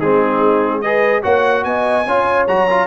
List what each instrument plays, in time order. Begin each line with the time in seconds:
0.00 tuba G#3, trombone C4, horn D#4, trumpet G#4
0.81 trombone G#4, horn B4, trumpet D#5
1.23 tuba A#3, trombone F#4, horn C#5, trumpet F#5
1.64 tuba B3, horn D#5, trumpet G#5
2.06 tuba C#4, trombone F4, horn C#5
2.47 tuba F#3, trombone F#4, trumpet A#5
2.70 trombone F4